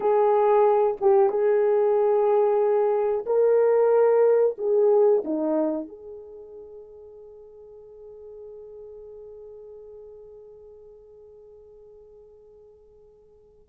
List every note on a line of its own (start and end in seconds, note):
0.00 0.96 G#4
1.00 1.29 G4
1.29 3.25 G#4
3.26 4.56 A#4
4.58 5.23 G#4
5.24 5.88 D#4
5.88 13.68 G#4